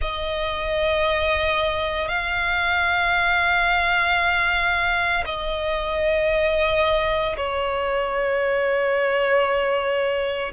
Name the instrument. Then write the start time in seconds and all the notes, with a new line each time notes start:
violin
0.01 D#5
2.08 F5
5.25 D#5
7.36 C#5